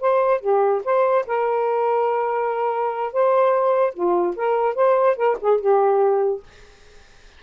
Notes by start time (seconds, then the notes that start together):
0.00 C5
0.40 G4
0.84 C5
1.27 A#4
3.12 C5
3.94 F4
4.36 A#4
4.75 C5
5.16 A#4
5.40 G#4
5.60 G4